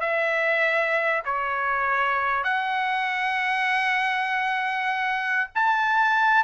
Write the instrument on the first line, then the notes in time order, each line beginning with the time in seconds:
trumpet
0.00 E5
1.25 C#5
2.44 F#5
5.55 A5